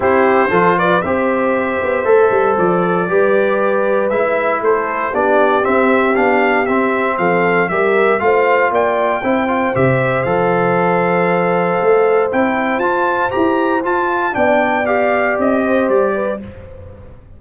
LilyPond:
<<
  \new Staff \with { instrumentName = "trumpet" } { \time 4/4 \tempo 4 = 117 c''4. d''8 e''2~ | e''4 d''2. | e''4 c''4 d''4 e''4 | f''4 e''4 f''4 e''4 |
f''4 g''2 e''4 | f''1 | g''4 a''4 ais''4 a''4 | g''4 f''4 dis''4 d''4 | }
  \new Staff \with { instrumentName = "horn" } { \time 4/4 g'4 a'8 b'8 c''2~ | c''2 b'2~ | b'4 a'4 g'2~ | g'2 a'4 ais'4 |
c''4 d''4 c''2~ | c''1~ | c''1 | d''2~ d''8 c''4 b'8 | }
  \new Staff \with { instrumentName = "trombone" } { \time 4/4 e'4 f'4 g'2 | a'2 g'2 | e'2 d'4 c'4 | d'4 c'2 g'4 |
f'2 e'8 f'8 g'4 | a'1 | e'4 f'4 g'4 f'4 | d'4 g'2. | }
  \new Staff \with { instrumentName = "tuba" } { \time 4/4 c'4 f4 c'4. b8 | a8 g8 f4 g2 | gis4 a4 b4 c'4 | b4 c'4 f4 g4 |
a4 ais4 c'4 c4 | f2. a4 | c'4 f'4 e'4 f'4 | b2 c'4 g4 | }
>>